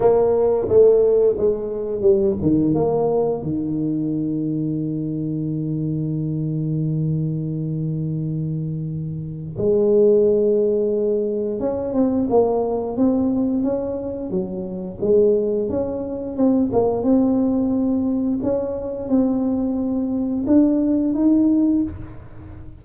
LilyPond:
\new Staff \with { instrumentName = "tuba" } { \time 4/4 \tempo 4 = 88 ais4 a4 gis4 g8 dis8 | ais4 dis2.~ | dis1~ | dis2 gis2~ |
gis4 cis'8 c'8 ais4 c'4 | cis'4 fis4 gis4 cis'4 | c'8 ais8 c'2 cis'4 | c'2 d'4 dis'4 | }